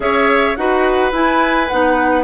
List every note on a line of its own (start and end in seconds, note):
0.00 0.55 C#4
0.00 0.56 G#4
0.00 0.58 C#5
0.00 0.56 E5
0.56 1.12 D#4
0.56 1.12 F#4
0.56 2.24 B4
0.56 1.12 F#5
1.12 1.68 E4
1.12 1.68 G#5
1.68 2.24 B3
1.68 2.24 D#4
1.68 2.24 F#5